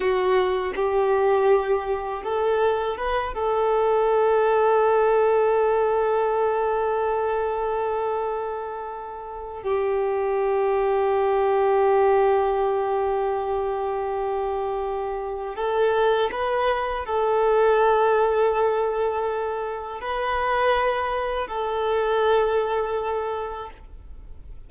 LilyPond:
\new Staff \with { instrumentName = "violin" } { \time 4/4 \tempo 4 = 81 fis'4 g'2 a'4 | b'8 a'2.~ a'8~ | a'1~ | a'4 g'2.~ |
g'1~ | g'4 a'4 b'4 a'4~ | a'2. b'4~ | b'4 a'2. | }